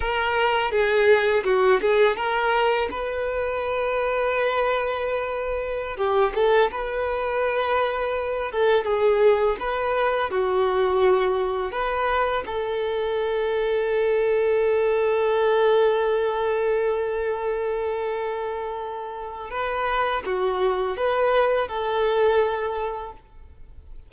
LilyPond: \new Staff \with { instrumentName = "violin" } { \time 4/4 \tempo 4 = 83 ais'4 gis'4 fis'8 gis'8 ais'4 | b'1~ | b'16 g'8 a'8 b'2~ b'8 a'16~ | a'16 gis'4 b'4 fis'4.~ fis'16~ |
fis'16 b'4 a'2~ a'8.~ | a'1~ | a'2. b'4 | fis'4 b'4 a'2 | }